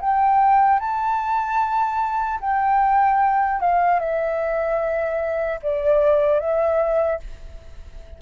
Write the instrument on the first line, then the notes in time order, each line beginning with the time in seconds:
flute
0.00 G5
0.79 A5
2.40 G5
3.60 F5
3.99 E5
5.62 D5
6.39 E5